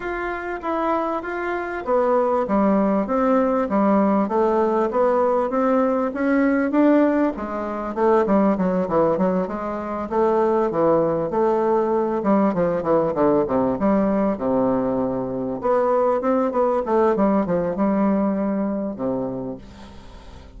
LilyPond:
\new Staff \with { instrumentName = "bassoon" } { \time 4/4 \tempo 4 = 98 f'4 e'4 f'4 b4 | g4 c'4 g4 a4 | b4 c'4 cis'4 d'4 | gis4 a8 g8 fis8 e8 fis8 gis8~ |
gis8 a4 e4 a4. | g8 f8 e8 d8 c8 g4 c8~ | c4. b4 c'8 b8 a8 | g8 f8 g2 c4 | }